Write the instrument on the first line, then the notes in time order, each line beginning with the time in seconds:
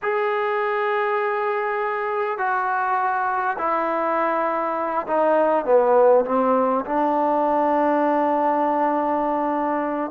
trombone
0.02 G#4
2.38 F#4
3.58 E4
5.07 D#4
5.65 B3
6.25 C4
6.85 D4